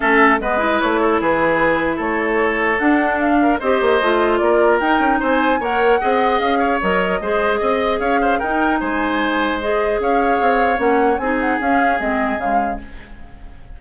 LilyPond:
<<
  \new Staff \with { instrumentName = "flute" } { \time 4/4 \tempo 4 = 150 e''4 dis''4 cis''4 b'4~ | b'4 cis''2 fis''4 | f''4 dis''2 d''4 | g''4 gis''4 fis''2 |
f''4 dis''2. | f''4 g''4 gis''2 | dis''4 f''2 fis''4 | gis''8 fis''8 f''4 dis''4 f''4 | }
  \new Staff \with { instrumentName = "oboe" } { \time 4/4 a'4 b'4. a'8 gis'4~ | gis'4 a'2.~ | a'8 ais'8 c''2 ais'4~ | ais'4 c''4 cis''4 dis''4~ |
dis''8 cis''4. c''4 dis''4 | cis''8 c''8 ais'4 c''2~ | c''4 cis''2. | gis'1 | }
  \new Staff \with { instrumentName = "clarinet" } { \time 4/4 cis'4 b8 e'2~ e'8~ | e'2. d'4~ | d'4 g'4 f'2 | dis'2 ais'4 gis'4~ |
gis'4 ais'4 gis'2~ | gis'4 dis'2. | gis'2. cis'4 | dis'4 cis'4 c'4 gis4 | }
  \new Staff \with { instrumentName = "bassoon" } { \time 4/4 a4 gis4 a4 e4~ | e4 a2 d'4~ | d'4 c'8 ais8 a4 ais4 | dis'8 cis'8 c'4 ais4 c'4 |
cis'4 fis4 gis4 c'4 | cis'4 dis'4 gis2~ | gis4 cis'4 c'4 ais4 | c'4 cis'4 gis4 cis4 | }
>>